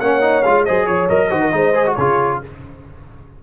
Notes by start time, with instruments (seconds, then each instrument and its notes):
0.00 tuba A#3, trombone C#4, horn C#5, trumpet F#5
0.21 trombone D#4
0.43 tuba G#3, trombone F4, trumpet F5
0.65 tuba F#3, trombone G#4, horn C5, trumpet D#5
0.85 tuba F3, horn C#5, trumpet C#5
1.09 tuba F#3, trombone A#4, trumpet D#5
1.30 tuba D#3, trombone F#4, horn C5
1.41 horn A#4
1.52 tuba G#3, trombone D#4, horn C5
1.74 trombone G#4
1.86 trombone F#4
1.95 tuba C#3, trombone F4, horn G#4, trumpet C#5